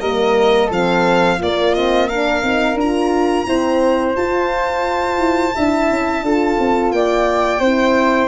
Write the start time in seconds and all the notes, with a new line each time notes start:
0.00 G3 A#3 A#4 D#5
0.66 F3 C4 A4
0.72 F5
1.37 A#3 F4 D5
1.74 C4 D#5
2.08 D4 A#4 F5
2.42 C4 D#4
2.74 D4 F4
2.80 A#5
3.47 C4 E4 C5
4.15 F4 A5
5.17 E4
5.54 D4 E4 E5
5.90 C#4
6.22 D4 F4 A4
6.59 C4
6.91 A#3 D5 G5
7.59 C4 E4 C5